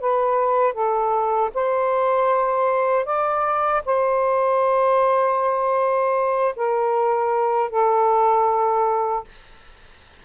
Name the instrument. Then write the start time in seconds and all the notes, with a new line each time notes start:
saxophone
0.00 B4
0.73 A4
1.54 C5
3.05 D5
3.85 C5
6.56 A#4
7.70 A4